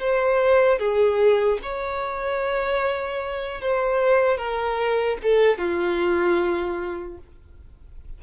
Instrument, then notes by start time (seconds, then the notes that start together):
violin
0.00 C5
0.79 G#4
1.63 C#5
3.61 C5
4.38 A#4
5.23 A4
5.58 F4